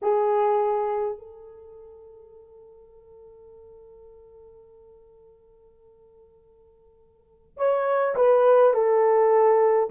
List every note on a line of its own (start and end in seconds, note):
0.02 1.18 G#4
1.18 7.57 A4
7.57 8.15 C#5
8.15 8.73 B4
8.73 9.90 A4